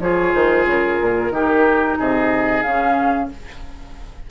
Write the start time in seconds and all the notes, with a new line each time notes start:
0.00 F3 F4 G#4 C#5
0.34 D#3 C5
0.66 C#3 A#4
1.02 A#2
1.31 D#3 D#4 G4
1.99 C3 G#4 D#5
2.63 C#3 C#4 F5